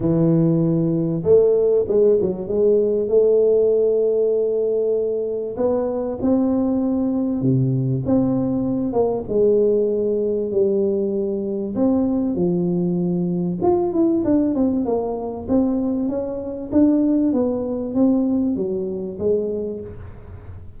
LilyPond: \new Staff \with { instrumentName = "tuba" } { \time 4/4 \tempo 4 = 97 e2 a4 gis8 fis8 | gis4 a2.~ | a4 b4 c'2 | c4 c'4. ais8 gis4~ |
gis4 g2 c'4 | f2 f'8 e'8 d'8 c'8 | ais4 c'4 cis'4 d'4 | b4 c'4 fis4 gis4 | }